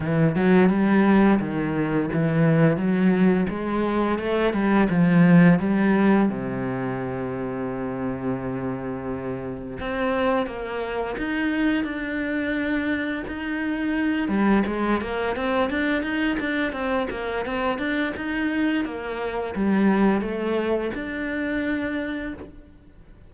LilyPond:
\new Staff \with { instrumentName = "cello" } { \time 4/4 \tempo 4 = 86 e8 fis8 g4 dis4 e4 | fis4 gis4 a8 g8 f4 | g4 c2.~ | c2 c'4 ais4 |
dis'4 d'2 dis'4~ | dis'8 g8 gis8 ais8 c'8 d'8 dis'8 d'8 | c'8 ais8 c'8 d'8 dis'4 ais4 | g4 a4 d'2 | }